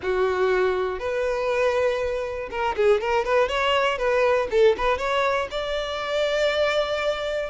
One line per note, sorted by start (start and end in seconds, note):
0.02 0.99 F#4
0.99 2.49 B4
2.50 2.75 A#4
2.76 3.00 G#4
3.00 3.24 A#4
3.24 3.48 B4
3.48 3.97 C#5
3.97 4.47 B4
4.50 4.75 A4
4.77 4.97 B4
4.97 5.47 C#5
5.50 7.50 D5